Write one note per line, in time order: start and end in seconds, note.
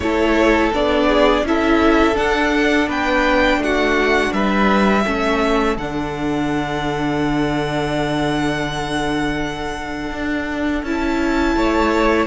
0.00 0.71 A3
0.00 0.73 E4
0.00 1.07 A4
0.00 0.72 C#5
0.73 1.42 B3
0.73 1.45 D4
0.73 1.45 D5
1.07 1.43 G#4
1.42 2.14 C#4
1.42 2.14 E4
1.42 2.87 A4
1.42 2.17 E5
2.14 5.03 D4
2.14 2.87 D4
2.14 2.89 F#5
2.87 3.57 B3
2.87 3.60 B4
2.87 3.63 G5
3.57 4.29 A3
3.57 4.32 F#5
3.63 4.34 F#4
4.32 5.05 G3
4.32 5.04 B4
4.32 5.77 E5
5.04 5.77 A3
5.04 5.76 C#4
5.04 11.54 A4
5.77 10.11 D3
5.77 10.85 D4
5.77 10.84 F#5
10.11 10.83 D4
10.83 11.55 C#4
10.83 12.27 E4
10.83 12.27 A5
11.55 12.27 A3
11.55 12.27 C#5